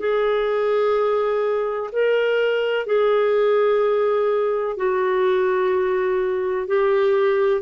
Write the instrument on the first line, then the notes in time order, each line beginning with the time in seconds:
clarinet
0.00 G#4
1.93 A#4
2.87 G#4
4.77 F#4
6.68 G4